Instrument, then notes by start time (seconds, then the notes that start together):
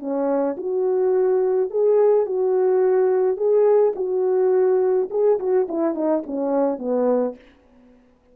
horn
0.00 C#4
0.57 F#4
1.71 G#4
2.27 F#4
3.37 G#4
3.96 F#4
5.11 G#4
5.40 F#4
5.69 E4
5.95 D#4
6.27 C#4
6.79 B3